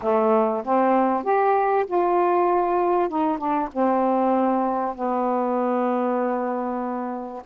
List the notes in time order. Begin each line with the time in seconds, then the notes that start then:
0.01 A3
0.64 C4
1.23 G4
1.86 F4
3.08 D#4
3.38 D4
3.72 C4
4.95 B3